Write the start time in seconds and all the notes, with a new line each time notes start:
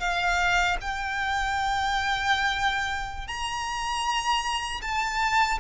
0.00 F5
0.81 G5
3.28 A#5
4.82 A5